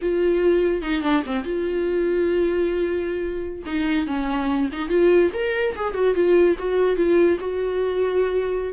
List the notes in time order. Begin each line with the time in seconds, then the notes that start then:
0.01 F4
0.81 D#4
1.02 D4
1.26 C4
1.44 F4
3.66 D#4
4.06 C#4
4.72 D#4
4.89 F4
5.33 A#4
5.75 G#4
5.94 F#4
6.14 F4
6.58 F#4
6.96 F4
7.40 F#4